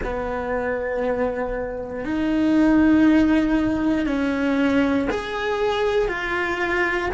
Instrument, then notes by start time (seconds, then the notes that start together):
cello
0.04 B3
2.04 D#4
4.06 C#4
5.10 G#4
6.08 F4